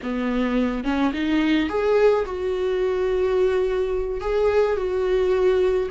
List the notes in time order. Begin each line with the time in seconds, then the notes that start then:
0.02 B3
0.84 C#4
1.13 D#4
1.69 G#4
2.25 F#4
4.21 G#4
4.76 F#4